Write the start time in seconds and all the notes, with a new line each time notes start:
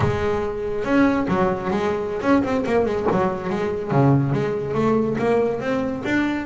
0.00 G#3
0.84 C#4
1.28 F#3
1.70 G#3
2.21 C#4
2.43 C4
2.65 A#3
2.85 G#3
3.11 F#3
3.49 G#3
3.91 C#3
4.32 G#3
4.74 A3
5.18 A#3
5.60 C4
6.04 D4